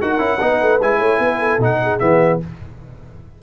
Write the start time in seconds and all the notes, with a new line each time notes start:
0.00 D#4 F#4 A#4 F#5
0.18 C#4 E4
0.40 B3 D#4 B4
0.61 A3
0.80 G#3 E4 G#5
0.98 A3 C#5
1.19 B3 B4
1.38 A4
1.58 B2 D#4 F#5
1.82 G#4
1.99 E3 B3 E5